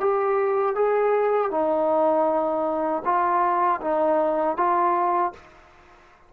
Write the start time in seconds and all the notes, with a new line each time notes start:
0.00 G4
0.75 G#4
1.51 D#4
3.04 F4
3.81 D#4
4.57 F4